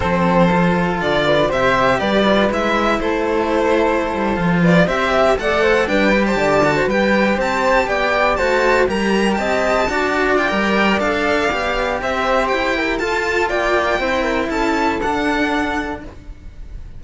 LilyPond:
<<
  \new Staff \with { instrumentName = "violin" } { \time 4/4 \tempo 4 = 120 c''2 d''4 e''4 | d''4 e''4 c''2~ | c''4~ c''16 d''8 e''4 fis''4 g''16~ | g''8 a''4~ a''16 g''4 a''4 g''16~ |
g''8. a''4 ais''4 a''4~ a''16~ | a''8. g''4~ g''16 f''2 | e''4 g''4 a''4 g''4~ | g''4 a''4 fis''2 | }
  \new Staff \with { instrumentName = "flute" } { \time 4/4 a'2~ a'8 b'8 c''4 | b'2 a'2~ | a'4~ a'16 b'8 c''8 e''8 d''8 c''8 b'16~ | b'8 c''16 d''8. c''16 b'4 c''4 d''16~ |
d''8. c''4 ais'4 dis''4 d''16~ | d''1 | c''4. ais'8 a'4 d''4 | c''8 ais'8 a'2. | }
  \new Staff \with { instrumentName = "cello" } { \time 4/4 c'4 f'2 g'4~ | g'8 f'8 e'2.~ | e'8. f'4 g'4 a'4 d'16~ | d'16 g'4 fis'8 g'2~ g'16~ |
g'8. fis'4 g'2 fis'16~ | fis'8. f'16 ais'4 a'4 g'4~ | g'2 f'2 | e'2 d'2 | }
  \new Staff \with { instrumentName = "cello" } { \time 4/4 f2 d4 c4 | g4 gis4 a2~ | a16 g8 f4 c'4 a4 g16~ | g8. d4 g4 c'4 b16~ |
b8. a4 g4 c'4 d'16~ | d'4 g4 d'4 b4 | c'4 e'4 f'4 ais4 | c'4 cis'4 d'2 | }
>>